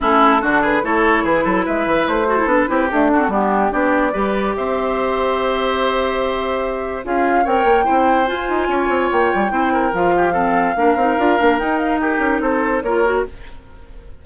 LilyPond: <<
  \new Staff \with { instrumentName = "flute" } { \time 4/4 \tempo 4 = 145 a'4. b'8 cis''4 b'4 | e''4 c''4 b'4 a'4 | g'4 d''2 e''4~ | e''1~ |
e''4 f''4 g''2 | gis''2 g''2 | f''1 | g''8 f''8 ais'4 c''4 cis''4 | }
  \new Staff \with { instrumentName = "oboe" } { \time 4/4 e'4 fis'8 gis'8 a'4 gis'8 a'8 | b'4. a'4 g'4 fis'8 | d'4 g'4 b'4 c''4~ | c''1~ |
c''4 gis'4 cis''4 c''4~ | c''4 cis''2 c''8 ais'8~ | ais'8 g'8 a'4 ais'2~ | ais'4 g'4 a'4 ais'4 | }
  \new Staff \with { instrumentName = "clarinet" } { \time 4/4 cis'4 d'4 e'2~ | e'4. fis'16 e'16 d'8 e'8 a8 d'16 c'16 | b4 d'4 g'2~ | g'1~ |
g'4 f'4 ais'4 e'4 | f'2. e'4 | f'4 c'4 d'8 dis'8 f'8 d'8 | dis'2. f'8 fis'8 | }
  \new Staff \with { instrumentName = "bassoon" } { \time 4/4 a4 d4 a4 e8 fis8 | gis8 e8 a4 b8 c'8 d'4 | g4 b4 g4 c'4~ | c'1~ |
c'4 cis'4 c'8 ais8 c'4 | f'8 dis'8 cis'8 c'8 ais8 g8 c'4 | f2 ais8 c'8 d'8 ais8 | dis'4. cis'8 c'4 ais4 | }
>>